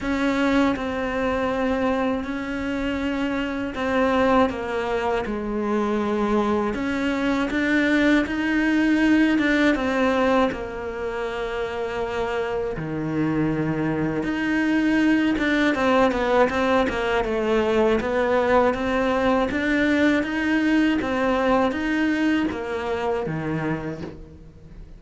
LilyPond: \new Staff \with { instrumentName = "cello" } { \time 4/4 \tempo 4 = 80 cis'4 c'2 cis'4~ | cis'4 c'4 ais4 gis4~ | gis4 cis'4 d'4 dis'4~ | dis'8 d'8 c'4 ais2~ |
ais4 dis2 dis'4~ | dis'8 d'8 c'8 b8 c'8 ais8 a4 | b4 c'4 d'4 dis'4 | c'4 dis'4 ais4 dis4 | }